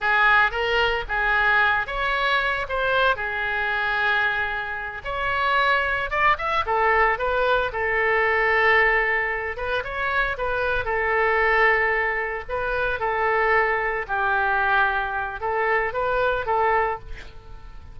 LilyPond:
\new Staff \with { instrumentName = "oboe" } { \time 4/4 \tempo 4 = 113 gis'4 ais'4 gis'4. cis''8~ | cis''4 c''4 gis'2~ | gis'4. cis''2 d''8 | e''8 a'4 b'4 a'4.~ |
a'2 b'8 cis''4 b'8~ | b'8 a'2. b'8~ | b'8 a'2 g'4.~ | g'4 a'4 b'4 a'4 | }